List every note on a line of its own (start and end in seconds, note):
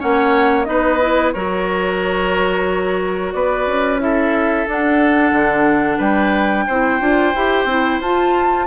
0.00 0.68 A#3
0.00 0.66 C#4
0.00 0.67 C#5
0.00 0.64 F#5
0.64 1.35 B3
0.64 0.99 D#4
0.64 1.34 B4
0.64 1.31 D#5
1.02 1.35 E4
1.33 3.35 F#3
1.33 4.00 F#4
1.33 3.34 A#4
1.33 3.32 C#5
3.32 3.67 B3
3.32 4.02 B4
3.32 3.99 D5
3.67 4.67 C#4
4.00 4.66 E4
4.00 5.98 A4
4.00 4.68 E5
4.67 5.32 D4
4.67 6.69 D4
4.67 6.01 F#5
5.32 5.99 D3
5.98 6.67 G3
5.98 6.65 B4
5.98 8.01 G5
6.67 7.01 C4
6.67 7.00 E4
6.67 8.67 C5
7.00 7.34 D4
7.00 7.34 F4
7.35 7.65 E4
7.35 7.69 G4
7.65 7.98 C4
7.65 8.02 E4
8.01 8.67 F4
8.01 8.68 F4
8.01 8.68 A5